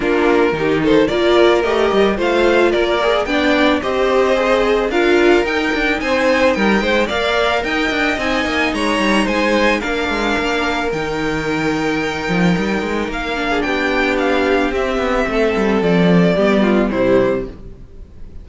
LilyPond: <<
  \new Staff \with { instrumentName = "violin" } { \time 4/4 \tempo 4 = 110 ais'4. c''8 d''4 dis''4 | f''4 d''4 g''4 dis''4~ | dis''4 f''4 g''4 gis''4 | g''4 f''4 g''4 gis''4 |
ais''4 gis''4 f''2 | g''1 | f''4 g''4 f''4 e''4~ | e''4 d''2 c''4 | }
  \new Staff \with { instrumentName = "violin" } { \time 4/4 f'4 g'8 a'8 ais'2 | c''4 ais'4 d''4 c''4~ | c''4 ais'2 c''4 | ais'8 c''8 d''4 dis''2 |
cis''4 c''4 ais'2~ | ais'1~ | ais'8. gis'16 g'2. | a'2 g'8 f'8 e'4 | }
  \new Staff \with { instrumentName = "viola" } { \time 4/4 d'4 dis'4 f'4 g'4 | f'4. gis'8 d'4 g'4 | gis'4 f'4 dis'2~ | dis'4 ais'2 dis'4~ |
dis'2 d'2 | dis'1~ | dis'8 d'2~ d'8 c'4~ | c'2 b4 g4 | }
  \new Staff \with { instrumentName = "cello" } { \time 4/4 ais4 dis4 ais4 a8 g8 | a4 ais4 b4 c'4~ | c'4 d'4 dis'8 d'8 c'4 | g8 gis8 ais4 dis'8 d'8 c'8 ais8 |
gis8 g8 gis4 ais8 gis8 ais4 | dis2~ dis8 f8 g8 gis8 | ais4 b2 c'8 b8 | a8 g8 f4 g4 c4 | }
>>